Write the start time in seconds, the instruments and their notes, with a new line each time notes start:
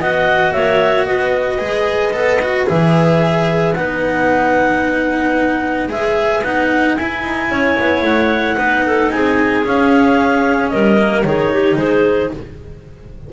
0.00 double bass B3, cello F#4, clarinet D#5 F#5
0.52 double bass A#3, clarinet C#5 E5
1.05 double bass B3, clarinet B4 D#5
1.58 double bass G#3, cello G#4
2.13 double bass B3, cello A4
2.42 cello F#4
2.66 double bass E3, cello G#4, clarinet E5
3.74 double bass B3, cello D#4, clarinet F#5
5.88 double bass G#3, cello G#4, clarinet E5
6.43 double bass B3, cello D#4, clarinet F#5
6.96 double bass E4, cello E4, clarinet G#5
7.22 double bass D#4
7.50 double bass C#4, clarinet C#5
7.79 double bass B3
8.02 double bass A3, clarinet F#5
8.56 double bass B3, cello D#4, clarinet B4
8.86 clarinet A4
9.10 double bass C4, clarinet G#4 G#5
9.64 cello C#4, double bass C#4, clarinet F5
10.68 double bass G3, clarinet A#4 D#5
10.96 cello A#3
11.23 double bass D#3, cello D#4, clarinet G#4 C#5
11.53 clarinet G4
11.76 double bass G#3, clarinet G#4 C5